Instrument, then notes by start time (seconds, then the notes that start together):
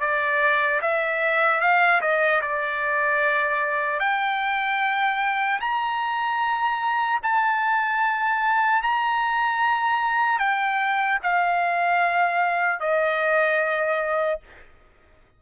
trumpet
0.00 D5
0.81 E5
1.60 F5
2.01 D#5
2.41 D5
3.99 G5
5.60 A#5
7.23 A5
8.82 A#5
10.39 G5
11.22 F5
12.80 D#5